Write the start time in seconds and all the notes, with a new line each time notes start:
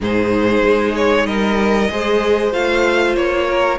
0.00 G#2 D#4 G#4 C5
0.63 G#3
0.95 C#5
1.25 G3 A#4 D#5
1.90 G#3 G#4 C5
2.52 A3 F4 F5
3.16 A#3 C#5
3.47 A#4